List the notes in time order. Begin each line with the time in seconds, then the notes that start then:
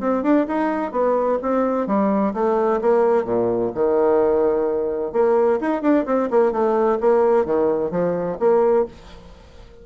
0.00 C4
0.23 D4
0.48 D#4
0.92 B3
1.42 C4
1.87 G3
2.34 A3
2.81 A#3
3.25 A#2
3.74 D#3
5.13 A#3
5.60 D#4
5.82 D4
6.06 C4
6.30 A#3
6.52 A3
7.00 A#3
7.45 D#3
7.91 F3
8.39 A#3